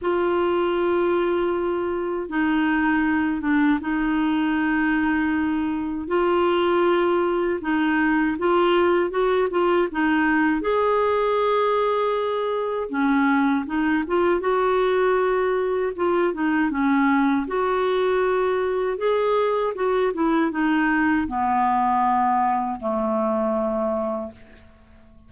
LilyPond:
\new Staff \with { instrumentName = "clarinet" } { \time 4/4 \tempo 4 = 79 f'2. dis'4~ | dis'8 d'8 dis'2. | f'2 dis'4 f'4 | fis'8 f'8 dis'4 gis'2~ |
gis'4 cis'4 dis'8 f'8 fis'4~ | fis'4 f'8 dis'8 cis'4 fis'4~ | fis'4 gis'4 fis'8 e'8 dis'4 | b2 a2 | }